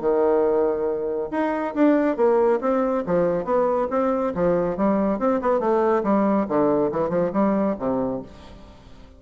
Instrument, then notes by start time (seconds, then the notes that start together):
bassoon
0.00 D#3
1.31 D#4
1.75 D4
2.16 A#3
2.60 C4
3.06 F3
3.44 B3
3.90 C4
4.34 F3
4.77 G3
5.19 C4
5.41 B3
5.60 A3
6.03 G3
6.48 D3
6.92 E3
7.09 F3
7.33 G3
7.79 C3